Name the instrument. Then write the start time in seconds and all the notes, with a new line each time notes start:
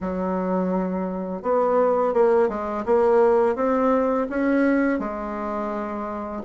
bassoon
0.01 F#3
1.42 B3
2.13 A#3
2.48 G#3
2.85 A#3
3.55 C4
4.29 C#4
4.99 G#3